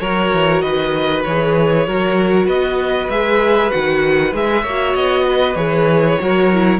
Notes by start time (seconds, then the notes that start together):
0.00 F#3 F#4 A#4 C#5
0.33 E3
0.62 D#3 B4 D#5
1.24 E3 G#4 C#5
1.87 F#3 F#4 A#4
2.46 B3 B4 D#5
3.10 G#3 G#4 E5
3.70 D#3 F#4 F#5
4.34 G#3 G#4 E5
4.63 A#3 C#5
4.70 F#4
4.95 B3 D#5
5.29 B4
5.56 E3 G#4 C#5
6.20 F#3 F#4 A#4
6.53 E4